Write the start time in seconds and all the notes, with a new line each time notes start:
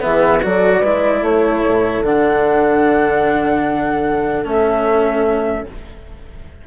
0.00 E3 B3 G#4 E5
0.42 F#3 F#4 A4 D5
0.79 G#3 E4 B4
1.22 A3 A4 C#5
1.66 A2
2.02 D3 D4 F#5
4.44 A3 C#4 E5